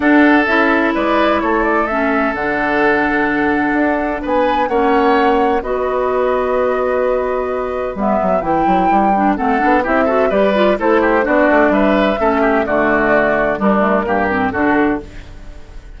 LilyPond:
<<
  \new Staff \with { instrumentName = "flute" } { \time 4/4 \tempo 4 = 128 fis''4 e''4 d''4 cis''8 d''8 | e''4 fis''2.~ | fis''4 gis''4 fis''2 | dis''1~ |
dis''4 e''4 g''2 | fis''4 e''4 d''4 c''4 | d''4 e''2 d''4~ | d''4 ais'2 a'4 | }
  \new Staff \with { instrumentName = "oboe" } { \time 4/4 a'2 b'4 a'4~ | a'1~ | a'4 b'4 cis''2 | b'1~ |
b'1 | a'4 g'8 a'8 b'4 a'8 g'8 | fis'4 b'4 a'8 g'8 fis'4~ | fis'4 d'4 g'4 fis'4 | }
  \new Staff \with { instrumentName = "clarinet" } { \time 4/4 d'4 e'2. | cis'4 d'2.~ | d'2 cis'2 | fis'1~ |
fis'4 b4 e'4. d'8 | c'8 d'8 e'8 fis'8 g'8 f'8 e'4 | d'2 cis'4 a4~ | a4 g8 a8 ais8 c'8 d'4 | }
  \new Staff \with { instrumentName = "bassoon" } { \time 4/4 d'4 cis'4 gis4 a4~ | a4 d2. | d'4 b4 ais2 | b1~ |
b4 g8 fis8 e8 fis8 g4 | a8 b8 c'4 g4 a4 | b8 a8 g4 a4 d4~ | d4 g4 g,4 d4 | }
>>